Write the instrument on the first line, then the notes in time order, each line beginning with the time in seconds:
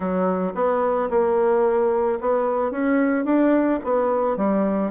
bassoon
0.00 F#3
0.54 B3
1.09 A#3
2.20 B3
2.71 C#4
3.24 D4
3.84 B3
4.37 G3